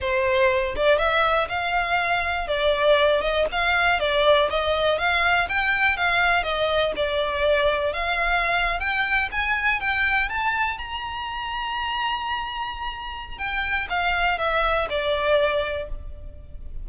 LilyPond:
\new Staff \with { instrumentName = "violin" } { \time 4/4 \tempo 4 = 121 c''4. d''8 e''4 f''4~ | f''4 d''4. dis''8 f''4 | d''4 dis''4 f''4 g''4 | f''4 dis''4 d''2 |
f''4.~ f''16 g''4 gis''4 g''16~ | g''8. a''4 ais''2~ ais''16~ | ais''2. g''4 | f''4 e''4 d''2 | }